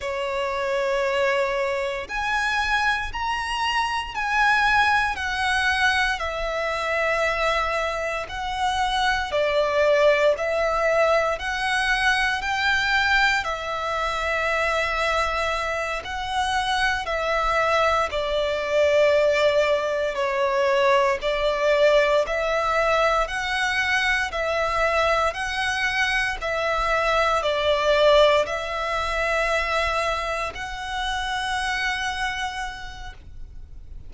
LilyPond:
\new Staff \with { instrumentName = "violin" } { \time 4/4 \tempo 4 = 58 cis''2 gis''4 ais''4 | gis''4 fis''4 e''2 | fis''4 d''4 e''4 fis''4 | g''4 e''2~ e''8 fis''8~ |
fis''8 e''4 d''2 cis''8~ | cis''8 d''4 e''4 fis''4 e''8~ | e''8 fis''4 e''4 d''4 e''8~ | e''4. fis''2~ fis''8 | }